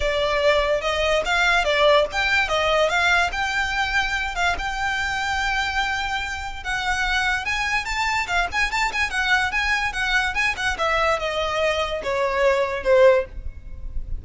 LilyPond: \new Staff \with { instrumentName = "violin" } { \time 4/4 \tempo 4 = 145 d''2 dis''4 f''4 | d''4 g''4 dis''4 f''4 | g''2~ g''8 f''8 g''4~ | g''1 |
fis''2 gis''4 a''4 | f''8 gis''8 a''8 gis''8 fis''4 gis''4 | fis''4 gis''8 fis''8 e''4 dis''4~ | dis''4 cis''2 c''4 | }